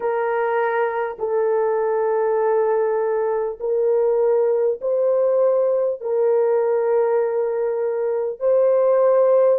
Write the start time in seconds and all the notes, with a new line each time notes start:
0.00 A#4
1.18 A4
3.60 A#4
4.81 C5
6.00 A#4
8.39 C5